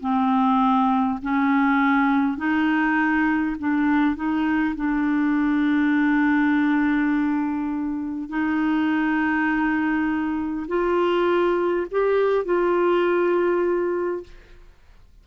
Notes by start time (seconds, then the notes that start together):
0.00 C4
1.22 C#4
2.37 D#4
3.59 D4
4.15 D#4
4.76 D4
8.29 D#4
10.67 F4
11.91 G4
12.45 F4